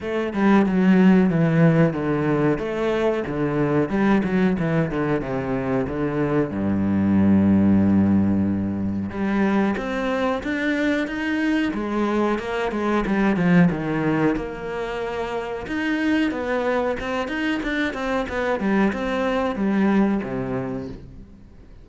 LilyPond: \new Staff \with { instrumentName = "cello" } { \time 4/4 \tempo 4 = 92 a8 g8 fis4 e4 d4 | a4 d4 g8 fis8 e8 d8 | c4 d4 g,2~ | g,2 g4 c'4 |
d'4 dis'4 gis4 ais8 gis8 | g8 f8 dis4 ais2 | dis'4 b4 c'8 dis'8 d'8 c'8 | b8 g8 c'4 g4 c4 | }